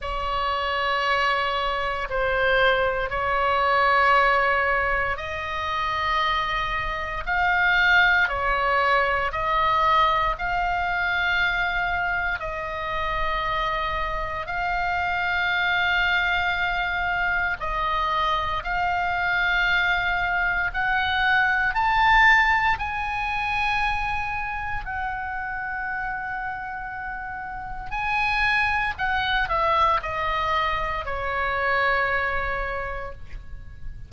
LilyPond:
\new Staff \with { instrumentName = "oboe" } { \time 4/4 \tempo 4 = 58 cis''2 c''4 cis''4~ | cis''4 dis''2 f''4 | cis''4 dis''4 f''2 | dis''2 f''2~ |
f''4 dis''4 f''2 | fis''4 a''4 gis''2 | fis''2. gis''4 | fis''8 e''8 dis''4 cis''2 | }